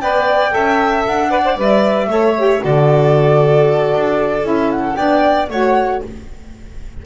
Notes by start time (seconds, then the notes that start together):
0.00 B3 B4 D5 G5
0.50 C#4 A4 E5
1.06 D4 F#5
1.29 B4 D5
1.44 C5
1.56 G3 B4 E5
2.07 A3 A4 C#5
2.37 G4
2.61 D3 F#4 A4 D5
3.94 D4
4.43 C#4 E4 E5
4.71 F#5
4.95 B3 D4 D5 G5
5.49 A3 F#4 C#5 F#5